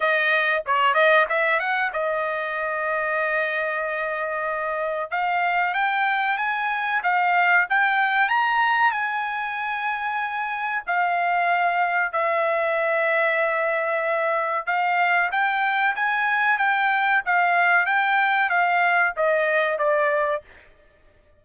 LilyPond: \new Staff \with { instrumentName = "trumpet" } { \time 4/4 \tempo 4 = 94 dis''4 cis''8 dis''8 e''8 fis''8 dis''4~ | dis''1 | f''4 g''4 gis''4 f''4 | g''4 ais''4 gis''2~ |
gis''4 f''2 e''4~ | e''2. f''4 | g''4 gis''4 g''4 f''4 | g''4 f''4 dis''4 d''4 | }